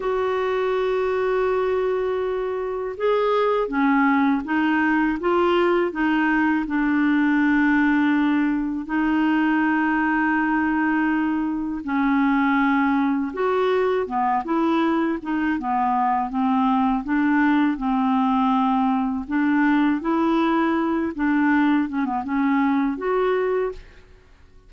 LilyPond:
\new Staff \with { instrumentName = "clarinet" } { \time 4/4 \tempo 4 = 81 fis'1 | gis'4 cis'4 dis'4 f'4 | dis'4 d'2. | dis'1 |
cis'2 fis'4 b8 e'8~ | e'8 dis'8 b4 c'4 d'4 | c'2 d'4 e'4~ | e'8 d'4 cis'16 b16 cis'4 fis'4 | }